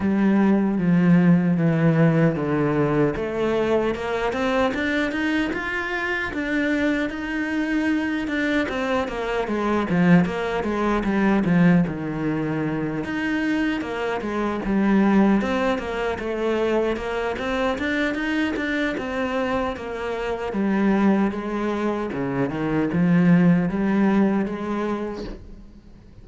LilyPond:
\new Staff \with { instrumentName = "cello" } { \time 4/4 \tempo 4 = 76 g4 f4 e4 d4 | a4 ais8 c'8 d'8 dis'8 f'4 | d'4 dis'4. d'8 c'8 ais8 | gis8 f8 ais8 gis8 g8 f8 dis4~ |
dis8 dis'4 ais8 gis8 g4 c'8 | ais8 a4 ais8 c'8 d'8 dis'8 d'8 | c'4 ais4 g4 gis4 | cis8 dis8 f4 g4 gis4 | }